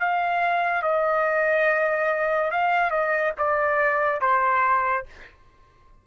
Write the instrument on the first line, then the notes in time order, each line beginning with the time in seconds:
trumpet
0.00 F5
0.83 D#5
2.51 F5
2.91 D#5
3.38 D5
4.21 C5